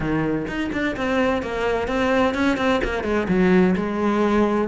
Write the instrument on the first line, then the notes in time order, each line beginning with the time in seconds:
cello
0.00 D#3
0.47 D#4
0.72 D4
0.96 C4
1.42 A#3
1.87 C4
2.34 C#4
2.57 C4
2.84 A#3
3.03 G#3
3.28 F#3
3.76 G#3